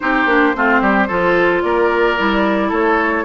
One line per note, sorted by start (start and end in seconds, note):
0.00 0.25 C4
0.00 0.27 D#4
0.00 0.56 G4
0.00 1.62 C5
0.25 0.53 A#3
0.25 0.55 D4
0.55 0.81 A3
0.55 1.09 C4
0.55 0.80 F4
0.80 1.08 G3
0.80 1.07 G4
1.07 1.63 F3
1.07 2.17 F4
1.07 1.62 A4
1.62 2.17 A#3
1.62 2.69 A#4
1.62 2.71 D5
2.17 2.71 G3
2.17 3.24 E4
2.69 3.24 A3
2.69 3.23 A4
2.69 3.24 C#5